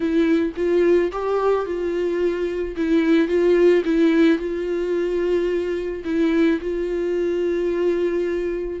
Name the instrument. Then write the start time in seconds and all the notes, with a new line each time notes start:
viola
0.00 E4
0.56 F4
1.12 G4
1.65 F4
2.76 E4
3.28 F4
3.85 E4
4.38 F4
6.04 E4
6.61 F4